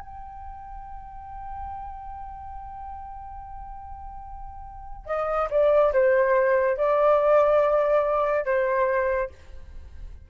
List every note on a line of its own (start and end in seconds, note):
0.00 5.06 G5
5.06 5.48 D#5
5.50 5.93 D5
5.93 6.77 C5
6.77 8.45 D5
8.45 9.30 C5